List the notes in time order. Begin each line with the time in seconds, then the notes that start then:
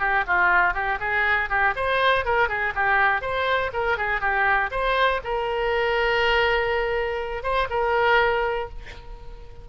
0.00 G4
0.27 F4
0.74 G4
1.01 G#4
1.50 G4
1.76 C5
2.25 A#4
2.49 G#4
2.76 G4
3.22 C5
3.74 A#4
3.98 G#4
4.21 G4
4.72 C5
5.24 A#4
7.44 C5
7.70 A#4